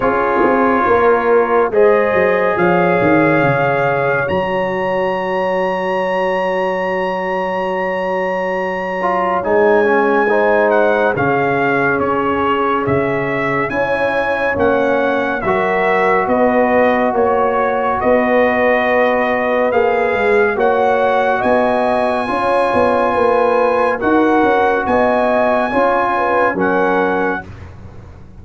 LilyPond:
<<
  \new Staff \with { instrumentName = "trumpet" } { \time 4/4 \tempo 4 = 70 cis''2 dis''4 f''4~ | f''4 ais''2.~ | ais''2. gis''4~ | gis''8 fis''8 f''4 cis''4 e''4 |
gis''4 fis''4 e''4 dis''4 | cis''4 dis''2 f''4 | fis''4 gis''2. | fis''4 gis''2 fis''4 | }
  \new Staff \with { instrumentName = "horn" } { \time 4/4 gis'4 ais'4 c''4 cis''4~ | cis''1~ | cis''1 | c''4 gis'2. |
cis''2 ais'4 b'4 | cis''4 b'2. | cis''4 dis''4 cis''4 b'4 | ais'4 dis''4 cis''8 b'8 ais'4 | }
  \new Staff \with { instrumentName = "trombone" } { \time 4/4 f'2 gis'2~ | gis'4 fis'2.~ | fis'2~ fis'8 f'8 dis'8 cis'8 | dis'4 cis'2. |
e'4 cis'4 fis'2~ | fis'2. gis'4 | fis'2 f'2 | fis'2 f'4 cis'4 | }
  \new Staff \with { instrumentName = "tuba" } { \time 4/4 cis'8 c'8 ais4 gis8 fis8 f8 dis8 | cis4 fis2.~ | fis2. gis4~ | gis4 cis4 cis'4 cis4 |
cis'4 ais4 fis4 b4 | ais4 b2 ais8 gis8 | ais4 b4 cis'8 b8 ais4 | dis'8 cis'8 b4 cis'4 fis4 | }
>>